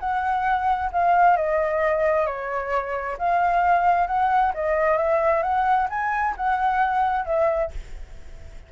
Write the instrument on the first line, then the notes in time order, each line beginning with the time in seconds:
flute
0.00 F#5
0.92 F5
1.37 D#5
2.26 C#5
3.18 F5
4.07 F#5
4.54 D#5
4.97 E5
5.43 F#5
5.90 G#5
6.37 F#5
7.26 E5